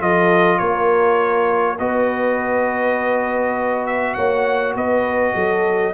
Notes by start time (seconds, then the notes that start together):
0.00 F3 F4 A4 D#5
0.58 A#3 A#4 C#5
1.79 B3 F#4 B4 D#5
3.87 E5
4.14 A#3 C#5 F#5
4.75 B3 B4 D#5
5.35 F#3 A4